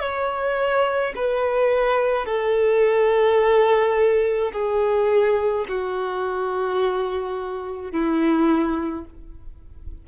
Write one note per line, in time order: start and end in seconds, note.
0.00 1.13 C#5
1.16 2.25 B4
2.25 4.52 A4
4.52 5.66 G#4
5.69 7.91 F#4
7.91 9.05 E4